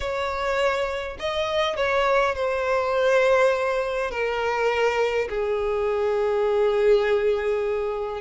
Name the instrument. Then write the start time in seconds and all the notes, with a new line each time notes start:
violin
0.00 C#5
1.19 D#5
1.76 C#5
2.35 C5
4.10 A#4
5.29 G#4